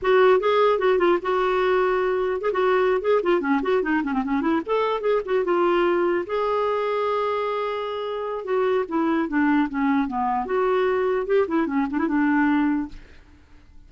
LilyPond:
\new Staff \with { instrumentName = "clarinet" } { \time 4/4 \tempo 4 = 149 fis'4 gis'4 fis'8 f'8 fis'4~ | fis'2 gis'16 fis'4~ fis'16 gis'8 | f'8 cis'8 fis'8 dis'8 cis'16 c'16 cis'8 e'8 a'8~ | a'8 gis'8 fis'8 f'2 gis'8~ |
gis'1~ | gis'4 fis'4 e'4 d'4 | cis'4 b4 fis'2 | g'8 e'8 cis'8 d'16 e'16 d'2 | }